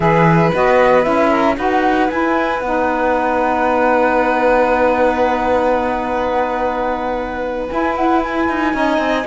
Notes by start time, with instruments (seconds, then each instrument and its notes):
0.00 cello E3, saxophone G#4, violin B4, flute E5
0.53 cello B3, saxophone F#4, flute D#5
1.02 cello C#4, saxophone E4, flute E5
1.29 violin A#4
1.56 cello D#4, saxophone F#4, violin B4, flute F#5
2.10 saxophone E4, cello E4, flute G#5
2.59 cello B3, saxophone D#4, flute F#5
7.68 saxophone E4, cello E4, flute G#5
7.95 flute F#5
8.22 flute G#5
8.48 cello D#4
8.72 cello C#4, saxophone D#4, violin D#5
8.97 cello C4